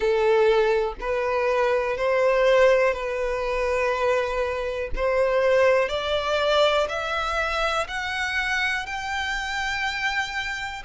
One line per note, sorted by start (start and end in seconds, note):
0.00 0.94 A4
1.00 1.97 B4
1.97 2.93 C5
2.93 4.90 B4
4.95 5.88 C5
5.88 6.87 D5
6.89 7.87 E5
7.87 8.85 F#5
8.86 10.82 G5